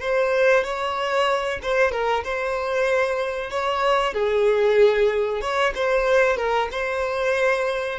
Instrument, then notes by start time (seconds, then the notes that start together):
violin
0.00 C5
0.64 C#5
1.62 C5
1.91 A#4
2.24 C5
3.50 C#5
4.13 G#4
5.41 C#5
5.75 C5
6.37 A#4
6.71 C5